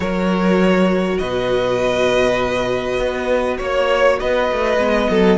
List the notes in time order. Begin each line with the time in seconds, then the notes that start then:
0.00 F#3 F#4 A#4 C#5
1.18 B2 B4 D#5
2.99 B3
3.57 A#3 C#5
4.19 B3 B4 D#5
4.51 A3
4.77 G#3 B3
5.10 F#3 A4